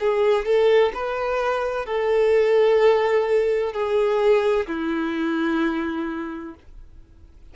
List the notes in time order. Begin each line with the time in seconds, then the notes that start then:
0.00 G#4
0.46 A4
0.94 B4
1.86 A4
3.73 G#4
4.67 E4